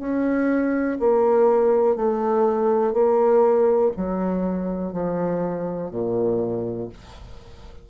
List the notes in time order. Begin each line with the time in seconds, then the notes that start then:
0.00 C#4
1.00 A#3
1.96 A3
2.94 A#3
3.97 F#3
4.93 F3
5.91 A#2